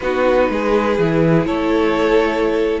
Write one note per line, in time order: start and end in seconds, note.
0.00 0.49 B3
0.00 0.99 D#4
0.00 0.50 F#4
0.00 1.45 B4
0.49 0.98 G#3
0.49 1.46 G#4
0.98 1.46 E3
0.98 2.80 E4
1.45 2.80 A3
1.45 2.80 A4
1.45 2.79 C#5